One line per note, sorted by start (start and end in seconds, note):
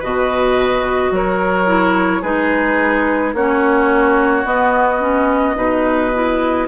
0.00 1.11 B2
0.00 1.67 F#4
0.00 1.11 B4
0.00 1.14 D#5
1.11 2.22 F#3
1.11 2.22 A#4
1.11 2.23 C#5
1.67 2.23 E4
2.22 3.34 G#3
2.22 3.35 D#4
2.22 3.33 G#4
2.22 3.34 B4
3.34 4.45 A#3
3.34 4.46 C#4
3.34 5.58 F#4
3.34 4.46 C#5
4.45 5.56 B3
4.45 5.01 B3
4.45 6.68 D#5
5.01 5.56 C#4
5.56 6.68 B2
5.56 6.12 D#4
5.56 6.68 B4
6.14 6.68 E4